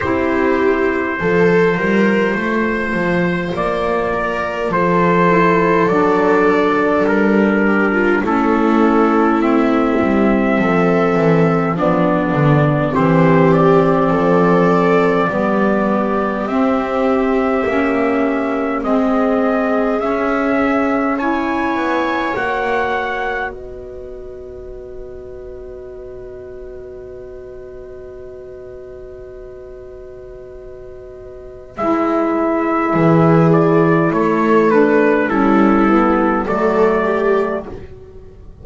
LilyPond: <<
  \new Staff \with { instrumentName = "trumpet" } { \time 4/4 \tempo 4 = 51 c''2. d''4 | c''4 d''4 ais'4 a'4 | e''2 d''4 c''8 d''8~ | d''2 e''2 |
dis''4 e''4 gis''4 fis''4 | dis''1~ | dis''2. e''4~ | e''8 d''8 cis''8 b'8 a'4 d''4 | }
  \new Staff \with { instrumentName = "viola" } { \time 4/4 g'4 a'8 ais'8 c''4. ais'8 | a'2~ a'8 g'16 f'16 e'4~ | e'4 a'4 d'4 g'4 | a'4 g'2. |
gis'2 cis''2 | b'1~ | b'1 | gis'4 a'4 e'4 a'8 g'8 | }
  \new Staff \with { instrumentName = "saxophone" } { \time 4/4 e'4 f'2.~ | f'8 e'8 d'2 cis'4 | c'2 b4 c'4~ | c'4 b4 c'4 cis'4 |
c'4 cis'4 e'4 fis'4~ | fis'1~ | fis'2. e'4~ | e'4. d'8 cis'8 b8 a4 | }
  \new Staff \with { instrumentName = "double bass" } { \time 4/4 c'4 f8 g8 a8 f8 ais4 | f4 fis4 g4 a4~ | a8 g8 f8 e8 f8 d8 e4 | f4 g4 c'4 ais4 |
gis4 cis'4. b8 ais4 | b1~ | b2. gis4 | e4 a4 g4 fis4 | }
>>